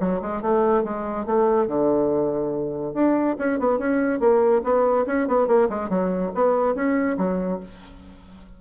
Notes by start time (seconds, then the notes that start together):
0.00 F#3
0.22 G#3
0.42 A3
0.84 G#3
1.26 A3
1.67 D3
2.94 D4
3.39 C#4
3.60 B3
3.79 C#4
4.20 A#3
4.64 B3
5.07 C#4
5.28 B3
5.48 A#3
5.69 G#3
5.89 F#3
6.35 B3
6.75 C#4
7.18 F#3